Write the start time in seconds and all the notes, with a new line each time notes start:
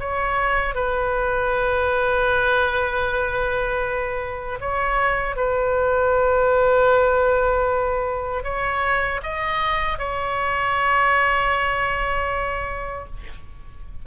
0.00 C#5
0.75 B4
4.61 C#5
5.36 B4
8.44 C#5
9.23 D#5
9.99 C#5